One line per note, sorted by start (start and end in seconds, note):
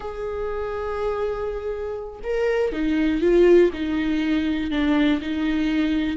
0.00 2.20 G#4
2.23 2.72 A#4
2.72 3.21 D#4
3.21 3.71 F4
3.73 4.71 D#4
4.71 5.20 D4
5.21 6.16 D#4